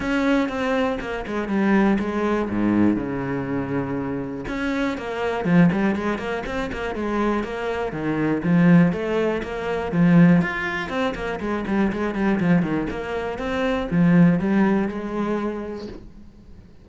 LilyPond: \new Staff \with { instrumentName = "cello" } { \time 4/4 \tempo 4 = 121 cis'4 c'4 ais8 gis8 g4 | gis4 gis,4 cis2~ | cis4 cis'4 ais4 f8 g8 | gis8 ais8 c'8 ais8 gis4 ais4 |
dis4 f4 a4 ais4 | f4 f'4 c'8 ais8 gis8 g8 | gis8 g8 f8 dis8 ais4 c'4 | f4 g4 gis2 | }